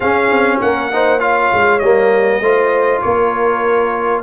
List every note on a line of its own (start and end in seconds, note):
0.00 0.30 C#4
0.00 0.91 C#4
0.00 0.59 G#4
0.00 0.60 F5
0.30 0.60 C4
0.60 1.52 A#3
0.60 0.93 A#4
0.60 1.19 F#5
0.91 1.19 D#4
0.91 1.20 C5
1.19 1.80 F4
1.19 2.41 C#5
1.19 1.79 F5
1.53 1.81 G#3
1.79 2.40 G3
1.79 2.42 A#3
1.79 3.00 D#5
2.40 3.01 A3
2.40 4.22 F4
2.40 3.03 C5
3.01 4.22 A#3
3.01 4.22 A#4
3.01 4.22 C#5